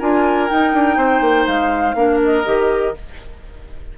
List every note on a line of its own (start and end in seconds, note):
0.00 0.51 D4
0.00 0.50 F4
0.00 0.98 A#4
0.00 0.49 G#5
0.49 1.96 D#4
0.49 0.74 D#4
0.49 1.47 G5
0.74 0.97 D4
0.97 1.21 C4
0.97 1.96 C5
1.21 1.46 A#3
1.47 1.95 G#3
1.47 2.21 F5
1.95 2.44 A#3
1.95 2.45 D4
1.95 2.97 A#4
2.25 2.98 D#5
2.45 2.96 D#3
2.45 2.94 G4